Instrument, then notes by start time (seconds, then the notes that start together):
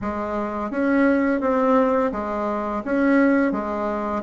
bassoon
0.01 G#3
0.71 C#4
1.41 C4
2.12 G#3
2.85 C#4
3.51 G#3